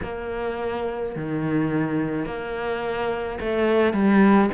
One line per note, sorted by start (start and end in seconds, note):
0.02 1.15 A#3
1.15 2.26 D#3
2.26 3.39 A#3
3.40 3.93 A3
3.93 4.50 G3